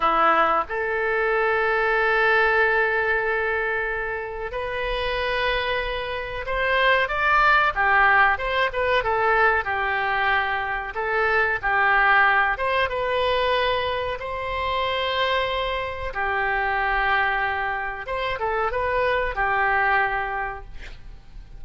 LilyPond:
\new Staff \with { instrumentName = "oboe" } { \time 4/4 \tempo 4 = 93 e'4 a'2.~ | a'2. b'4~ | b'2 c''4 d''4 | g'4 c''8 b'8 a'4 g'4~ |
g'4 a'4 g'4. c''8 | b'2 c''2~ | c''4 g'2. | c''8 a'8 b'4 g'2 | }